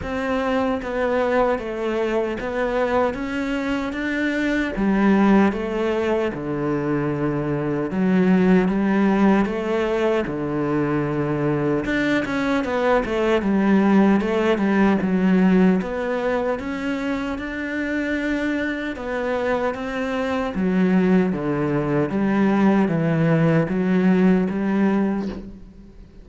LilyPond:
\new Staff \with { instrumentName = "cello" } { \time 4/4 \tempo 4 = 76 c'4 b4 a4 b4 | cis'4 d'4 g4 a4 | d2 fis4 g4 | a4 d2 d'8 cis'8 |
b8 a8 g4 a8 g8 fis4 | b4 cis'4 d'2 | b4 c'4 fis4 d4 | g4 e4 fis4 g4 | }